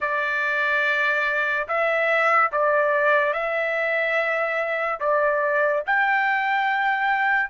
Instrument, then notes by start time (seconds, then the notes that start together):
trumpet
0.00 D5
1.67 E5
2.52 D5
3.33 E5
5.00 D5
5.86 G5